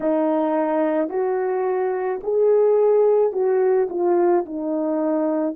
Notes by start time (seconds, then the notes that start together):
0.00 D#4
1.09 F#4
2.23 G#4
3.32 F#4
3.89 F4
4.45 D#4